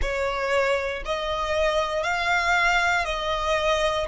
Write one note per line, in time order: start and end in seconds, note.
0.01 1.03 C#5
1.05 2.03 D#5
2.03 3.05 F5
3.05 4.06 D#5